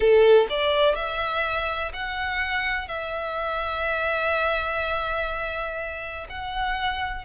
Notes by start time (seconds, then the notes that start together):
0.00 A4
0.49 D5
0.95 E5
1.93 F#5
2.88 E5
6.29 F#5